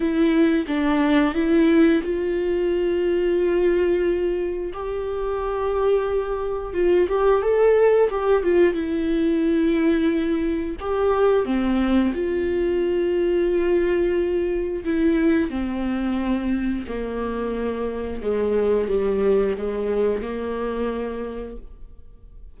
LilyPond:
\new Staff \with { instrumentName = "viola" } { \time 4/4 \tempo 4 = 89 e'4 d'4 e'4 f'4~ | f'2. g'4~ | g'2 f'8 g'8 a'4 | g'8 f'8 e'2. |
g'4 c'4 f'2~ | f'2 e'4 c'4~ | c'4 ais2 gis4 | g4 gis4 ais2 | }